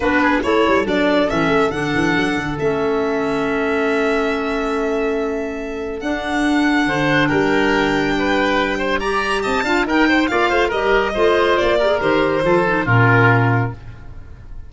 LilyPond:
<<
  \new Staff \with { instrumentName = "violin" } { \time 4/4 \tempo 4 = 140 b'4 cis''4 d''4 e''4 | fis''2 e''2~ | e''1~ | e''2 fis''2~ |
fis''4 g''2.~ | g''4 ais''4 a''4 g''4 | f''4 dis''2 d''4 | c''2 ais'2 | }
  \new Staff \with { instrumentName = "oboe" } { \time 4/4 fis'8 gis'8 a'2.~ | a'1~ | a'1~ | a'1 |
c''4 ais'2 b'4~ | b'8 c''8 d''4 dis''8 f''8 ais'8 c''8 | d''8 c''8 ais'4 c''4. ais'8~ | ais'4 a'4 f'2 | }
  \new Staff \with { instrumentName = "clarinet" } { \time 4/4 d'4 e'4 d'4 cis'4 | d'2 cis'2~ | cis'1~ | cis'2 d'2~ |
d'1~ | d'4 g'4. f'8 dis'4 | f'4 g'4 f'4. g'16 gis'16 | g'4 f'8 dis'8 cis'2 | }
  \new Staff \with { instrumentName = "tuba" } { \time 4/4 b4 a8 g8 fis4 e8 a8 | d8 e8 fis8 d8 a2~ | a1~ | a2 d'2 |
d4 g2.~ | g2 c'8 d'8 dis'4 | ais8 a8 g4 a4 ais4 | dis4 f4 ais,2 | }
>>